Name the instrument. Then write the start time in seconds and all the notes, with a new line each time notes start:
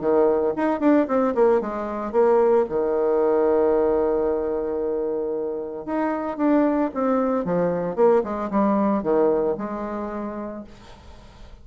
bassoon
0.00 D#3
0.56 D#4
0.80 D4
1.07 C4
1.34 A#3
1.60 G#3
2.12 A#3
2.69 D#3
5.85 D#4
6.37 D4
6.94 C4
7.44 F3
7.95 A#3
8.23 G#3
8.50 G3
9.02 D#3
9.57 G#3